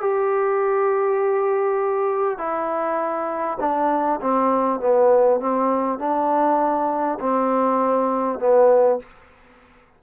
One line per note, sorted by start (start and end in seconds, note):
0.00 2.38 G4
2.38 3.58 E4
3.60 4.20 D4
4.21 4.79 C4
4.79 5.39 B3
5.40 5.98 C4
5.98 7.18 D4
7.20 8.39 C4
8.39 8.99 B3